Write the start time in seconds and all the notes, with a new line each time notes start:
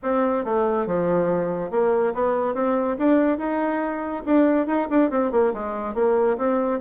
0.03 C4
0.44 A3
0.86 F3
1.70 A#3
2.14 B3
2.54 C4
2.98 D4
3.38 D#4
4.25 D4
4.67 D#4
4.89 D4
5.10 C4
5.31 A#3
5.53 G#3
5.94 A#3
6.37 C4